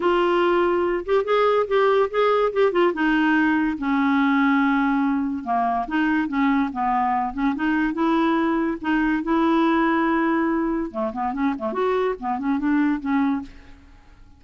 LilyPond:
\new Staff \with { instrumentName = "clarinet" } { \time 4/4 \tempo 4 = 143 f'2~ f'8 g'8 gis'4 | g'4 gis'4 g'8 f'8 dis'4~ | dis'4 cis'2.~ | cis'4 ais4 dis'4 cis'4 |
b4. cis'8 dis'4 e'4~ | e'4 dis'4 e'2~ | e'2 a8 b8 cis'8 a8 | fis'4 b8 cis'8 d'4 cis'4 | }